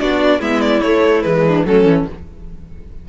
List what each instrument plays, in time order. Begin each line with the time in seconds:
0.00 cello B3, viola D4, violin F#4 D5
0.40 cello G#3, viola B3, violin E4 E5
0.61 violin D5
0.82 cello A3, viola A3, violin C#5
1.22 cello E3, viola G#3, violin B4
1.47 violin D4
1.66 cello F#3, viola A3, violin C#4 A4
1.85 cello E3, viola C#4